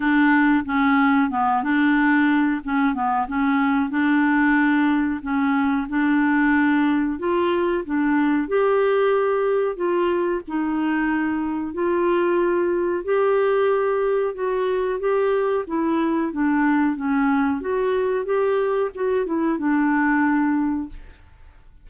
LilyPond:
\new Staff \with { instrumentName = "clarinet" } { \time 4/4 \tempo 4 = 92 d'4 cis'4 b8 d'4. | cis'8 b8 cis'4 d'2 | cis'4 d'2 f'4 | d'4 g'2 f'4 |
dis'2 f'2 | g'2 fis'4 g'4 | e'4 d'4 cis'4 fis'4 | g'4 fis'8 e'8 d'2 | }